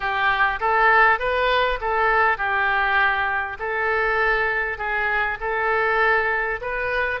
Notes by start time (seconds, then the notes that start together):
0.00 G4
0.60 A4
1.19 B4
1.80 A4
2.37 G4
3.59 A4
4.78 G#4
5.40 A4
6.61 B4